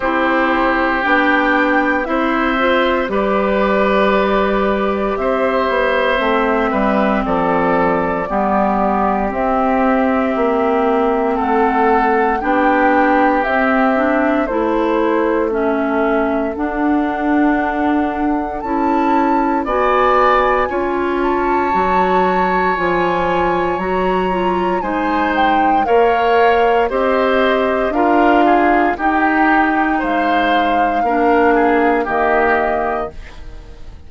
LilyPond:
<<
  \new Staff \with { instrumentName = "flute" } { \time 4/4 \tempo 4 = 58 c''4 g''4 e''4 d''4~ | d''4 e''2 d''4~ | d''4 e''2 fis''4 | g''4 e''4 c''4 e''4 |
fis''2 a''4 gis''4~ | gis''8 a''4. gis''4 ais''4 | gis''8 g''8 f''4 dis''4 f''4 | g''4 f''2 dis''4 | }
  \new Staff \with { instrumentName = "oboe" } { \time 4/4 g'2 c''4 b'4~ | b'4 c''4. b'8 a'4 | g'2. a'4 | g'2 a'2~ |
a'2. d''4 | cis''1 | c''4 cis''4 c''4 ais'8 gis'8 | g'4 c''4 ais'8 gis'8 g'4 | }
  \new Staff \with { instrumentName = "clarinet" } { \time 4/4 e'4 d'4 e'8 f'8 g'4~ | g'2 c'2 | b4 c'2. | d'4 c'8 d'8 e'4 cis'4 |
d'2 e'4 fis'4 | f'4 fis'4 f'4 fis'8 f'8 | dis'4 ais'4 g'4 f'4 | dis'2 d'4 ais4 | }
  \new Staff \with { instrumentName = "bassoon" } { \time 4/4 c'4 b4 c'4 g4~ | g4 c'8 b8 a8 g8 f4 | g4 c'4 ais4 a4 | b4 c'4 a2 |
d'2 cis'4 b4 | cis'4 fis4 f4 fis4 | gis4 ais4 c'4 d'4 | dis'4 gis4 ais4 dis4 | }
>>